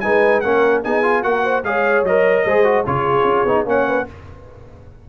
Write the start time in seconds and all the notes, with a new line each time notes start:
0.00 G#3 D#4 B4 G#5
0.40 A#3 C#4 A#4 F#5
0.83 B3 D#4 G#4 G#5
1.03 F4
1.23 A#3 F#4 A#4 F#5
1.43 C5
1.63 G#3 G#4 C#5 F5
2.03 F#3 A#4 D#5
2.45 G#3 G#4 C5
2.64 F#4
2.86 C#3 F4 G#4 C#5
3.24 C#4
3.45 B3 D#4
3.65 A#3 C#4 C#5 F#5
3.87 B4